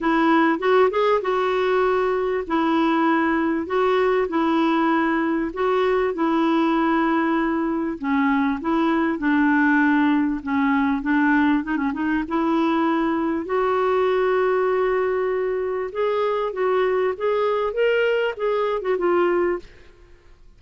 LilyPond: \new Staff \with { instrumentName = "clarinet" } { \time 4/4 \tempo 4 = 98 e'4 fis'8 gis'8 fis'2 | e'2 fis'4 e'4~ | e'4 fis'4 e'2~ | e'4 cis'4 e'4 d'4~ |
d'4 cis'4 d'4 dis'16 cis'16 dis'8 | e'2 fis'2~ | fis'2 gis'4 fis'4 | gis'4 ais'4 gis'8. fis'16 f'4 | }